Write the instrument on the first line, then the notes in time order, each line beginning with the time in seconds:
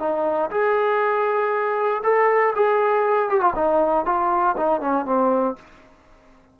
trombone
0.00 D#4
0.51 G#4
2.04 A4
2.56 G#4
3.30 G4
3.41 F4
3.56 D#4
4.06 F4
4.57 D#4
4.81 C#4
5.06 C4